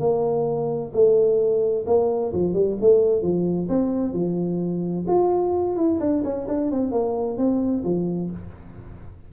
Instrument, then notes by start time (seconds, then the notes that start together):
tuba
0.00 A#3
0.93 A3
1.87 A#3
2.33 F3
2.54 G3
2.81 A3
3.22 F3
3.69 C4
4.13 F3
5.08 F4
5.77 E4
6.00 D4
6.24 C#4
6.48 D4
6.71 C4
6.92 A#3
7.38 C4
7.84 F3